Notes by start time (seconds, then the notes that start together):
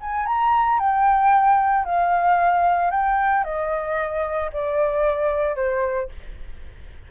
0.00 G#5
0.26 A#5
0.79 G5
1.84 F5
2.91 G5
3.44 D#5
4.52 D5
5.55 C5